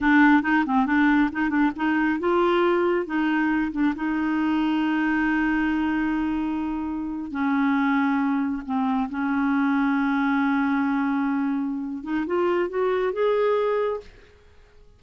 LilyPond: \new Staff \with { instrumentName = "clarinet" } { \time 4/4 \tempo 4 = 137 d'4 dis'8 c'8 d'4 dis'8 d'8 | dis'4 f'2 dis'4~ | dis'8 d'8 dis'2.~ | dis'1~ |
dis'8. cis'2. c'16~ | c'8. cis'2.~ cis'16~ | cis'2.~ cis'8 dis'8 | f'4 fis'4 gis'2 | }